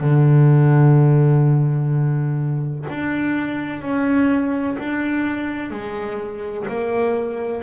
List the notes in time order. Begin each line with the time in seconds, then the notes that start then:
0.00 D3
2.90 D4
3.82 C#4
4.78 D4
5.71 G#3
6.68 A#3